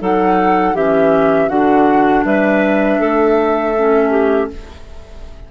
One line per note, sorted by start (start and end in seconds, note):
0.00 0.75 F#3
0.00 0.75 D#4
0.00 0.75 A4
0.00 0.76 F#5
0.75 1.49 E3
0.75 1.50 C#4
0.75 1.49 G4
0.75 1.49 E5
1.49 2.24 D3
1.49 3.75 D4
1.49 2.24 F#4
1.49 2.24 F#5
2.24 2.99 G3
2.24 3.00 B4
2.24 4.50 E5
3.00 4.50 A3
3.00 4.11 A4
3.77 4.52 C#4
4.11 4.48 G4